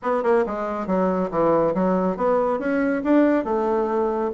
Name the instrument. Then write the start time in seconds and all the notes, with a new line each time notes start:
bassoon
0.02 B3
0.23 A#3
0.46 G#3
0.86 F#3
1.30 E3
1.74 F#3
2.16 B3
2.59 C#4
3.04 D4
3.44 A3